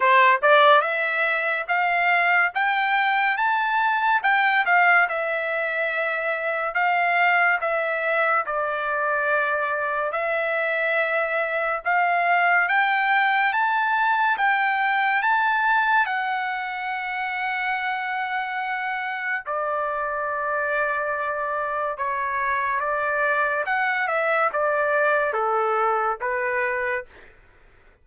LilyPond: \new Staff \with { instrumentName = "trumpet" } { \time 4/4 \tempo 4 = 71 c''8 d''8 e''4 f''4 g''4 | a''4 g''8 f''8 e''2 | f''4 e''4 d''2 | e''2 f''4 g''4 |
a''4 g''4 a''4 fis''4~ | fis''2. d''4~ | d''2 cis''4 d''4 | fis''8 e''8 d''4 a'4 b'4 | }